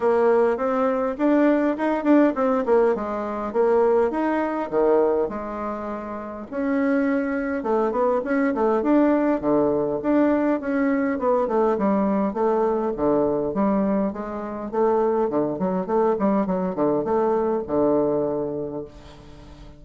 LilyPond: \new Staff \with { instrumentName = "bassoon" } { \time 4/4 \tempo 4 = 102 ais4 c'4 d'4 dis'8 d'8 | c'8 ais8 gis4 ais4 dis'4 | dis4 gis2 cis'4~ | cis'4 a8 b8 cis'8 a8 d'4 |
d4 d'4 cis'4 b8 a8 | g4 a4 d4 g4 | gis4 a4 d8 fis8 a8 g8 | fis8 d8 a4 d2 | }